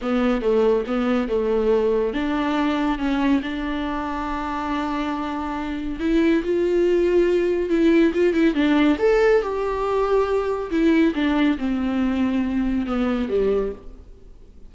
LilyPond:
\new Staff \with { instrumentName = "viola" } { \time 4/4 \tempo 4 = 140 b4 a4 b4 a4~ | a4 d'2 cis'4 | d'1~ | d'2 e'4 f'4~ |
f'2 e'4 f'8 e'8 | d'4 a'4 g'2~ | g'4 e'4 d'4 c'4~ | c'2 b4 g4 | }